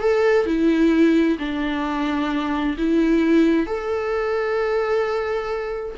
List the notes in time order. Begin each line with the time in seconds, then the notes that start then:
0.00 A4
0.46 E4
1.39 D4
2.77 E4
3.66 A4